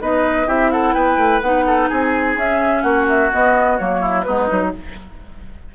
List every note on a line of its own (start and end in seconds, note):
0.00 0.47 B3
0.00 0.46 D#4
0.00 0.47 B4
0.00 0.48 D#5
0.46 0.94 C4
0.46 1.41 E4
0.46 0.70 G4
0.46 0.72 E5
0.72 0.94 A4
0.72 0.94 F#5
0.94 1.17 B3
0.94 1.65 B4
0.94 1.41 G5
1.17 1.40 A3
1.41 1.89 B3
1.41 2.38 D#4
1.41 1.89 F#5
1.67 1.89 A4
1.89 2.36 C4
1.89 2.83 G#4
1.89 2.38 G#5
2.36 2.83 C#4
2.36 3.32 C#4
2.36 2.82 E5
2.82 3.30 A#3
2.82 4.00 F#4
2.82 3.06 F#5
3.08 3.32 E5
3.32 3.78 B3
3.32 3.80 B3
3.32 3.77 D#5
3.77 4.27 F#3
3.77 4.25 A#3
3.77 4.22 C#5
4.00 4.24 E4
4.22 4.50 G#3
4.22 4.48 B3
4.22 4.74 D#4
4.22 4.69 B4
4.48 4.75 F#3
4.48 4.71 D#4